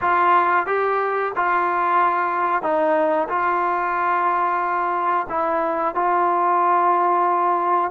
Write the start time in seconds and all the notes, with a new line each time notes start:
0.01 F4
0.66 G4
1.35 F4
2.62 D#4
3.28 F4
5.29 E4
5.94 F4